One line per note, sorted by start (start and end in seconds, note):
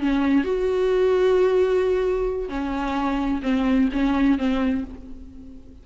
0.00 0.44 C#4
0.44 2.49 F#4
2.49 3.41 C#4
3.42 3.89 C4
3.92 4.38 C#4
4.38 4.84 C4